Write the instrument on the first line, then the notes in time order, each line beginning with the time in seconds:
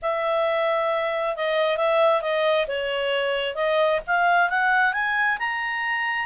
clarinet
0.02 E5
1.36 D#5
1.77 E5
2.21 D#5
2.67 C#5
3.55 D#5
4.06 F5
4.49 F#5
4.93 G#5
5.39 A#5